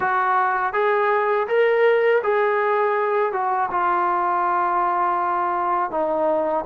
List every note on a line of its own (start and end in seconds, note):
0.00 0.73 F#4
0.73 1.47 G#4
1.47 2.22 A#4
2.23 3.32 G#4
3.32 3.69 F#4
3.70 5.90 F4
5.90 6.64 D#4